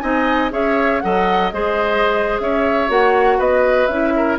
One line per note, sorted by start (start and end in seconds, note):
0.00 0.52 C4
0.00 0.51 D#4
0.00 0.53 D#5
0.00 0.50 G#5
0.51 1.02 C#4
0.51 1.01 G#4
0.51 1.02 C#5
0.51 1.00 E5
1.00 1.53 F#3
1.00 1.53 A4
1.00 1.54 D#5
1.00 1.50 F#5
1.51 2.40 G#3
1.51 2.88 G#4
1.51 2.42 C5
1.51 2.39 D#5
2.40 2.89 C#4
2.40 3.38 C#5
2.40 2.90 E5
2.88 3.39 A#3
2.88 3.88 F#4
2.88 3.41 F#5
3.38 3.88 B3
3.38 4.13 B4
3.38 3.87 D#5
3.87 4.38 C#4
3.87 4.39 E4
3.87 4.37 E5
4.17 4.39 A#4